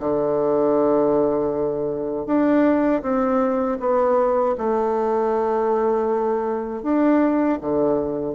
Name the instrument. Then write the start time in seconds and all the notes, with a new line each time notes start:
bassoon
0.00 D3
2.26 D4
3.02 C4
3.80 B3
4.58 A3
6.83 D4
7.61 D3